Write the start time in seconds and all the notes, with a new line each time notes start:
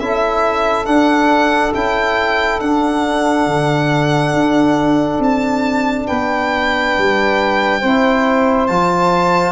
0.00 C#4 E4 A4 E5
0.86 D4 F#5
1.74 C#4 E4 G5
2.60 D4 F#5
3.47 D3
4.33 D4
5.19 C4 A5
6.07 B3 B4 G5
6.98 G3
7.80 C4 E4 C5
8.67 F3 F4 A5